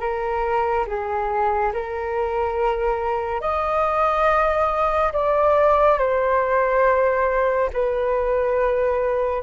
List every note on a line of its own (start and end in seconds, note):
0.00 0.86 A#4
0.87 1.73 G#4
1.74 3.41 A#4
3.41 5.12 D#5
5.13 5.98 D5
5.98 7.70 C5
7.73 9.43 B4